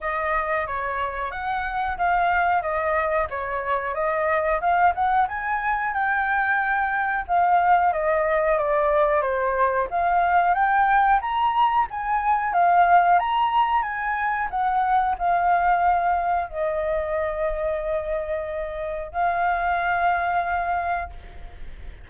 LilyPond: \new Staff \with { instrumentName = "flute" } { \time 4/4 \tempo 4 = 91 dis''4 cis''4 fis''4 f''4 | dis''4 cis''4 dis''4 f''8 fis''8 | gis''4 g''2 f''4 | dis''4 d''4 c''4 f''4 |
g''4 ais''4 gis''4 f''4 | ais''4 gis''4 fis''4 f''4~ | f''4 dis''2.~ | dis''4 f''2. | }